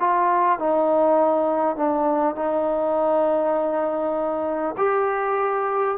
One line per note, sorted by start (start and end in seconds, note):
0.00 0.59 F4
0.59 1.76 D#4
1.76 2.36 D4
2.36 4.76 D#4
4.78 5.98 G4